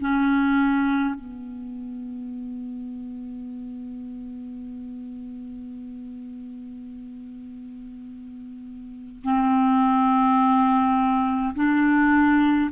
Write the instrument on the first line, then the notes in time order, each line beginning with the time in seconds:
clarinet
0.00 C#4
1.15 B3
9.23 C4
11.55 D4